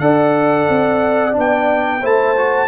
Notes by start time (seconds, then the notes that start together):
0.00 D4 A4 D5 F#5
0.69 C4
1.33 B3 D4
1.40 G5
2.01 A3 E4 C5 A5
2.37 F#4